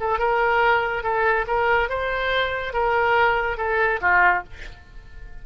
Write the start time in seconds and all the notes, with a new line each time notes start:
0.00 A4
0.19 A#4
1.03 A4
1.47 A#4
1.89 C5
2.73 A#4
3.57 A4
4.01 F4